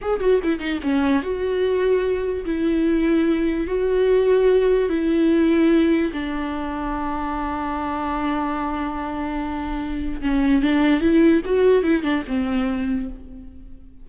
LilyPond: \new Staff \with { instrumentName = "viola" } { \time 4/4 \tempo 4 = 147 gis'8 fis'8 e'8 dis'8 cis'4 fis'4~ | fis'2 e'2~ | e'4 fis'2. | e'2. d'4~ |
d'1~ | d'1~ | d'4 cis'4 d'4 e'4 | fis'4 e'8 d'8 c'2 | }